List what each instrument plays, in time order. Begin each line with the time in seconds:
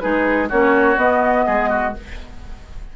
0.00 bassoon G#3, clarinet D#4, oboe G#4, flute B4
0.49 bassoon A#3, clarinet C#4, oboe F#4, flute C#5
0.97 bassoon B3, clarinet B3, flute D#5
1.47 bassoon G#3, oboe G#4
1.70 oboe F#4